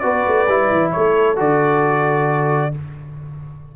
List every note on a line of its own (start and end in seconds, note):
0.00 0.27 B3
0.00 0.48 F#4
0.00 0.92 B4
0.00 0.90 D5
0.27 0.48 A3
0.48 0.71 G3
0.48 1.37 E4
0.72 0.95 E3
0.92 1.39 A3
0.92 2.75 A4
0.92 1.37 C#5
1.37 2.74 D3
1.37 2.72 F#4
1.37 2.76 D5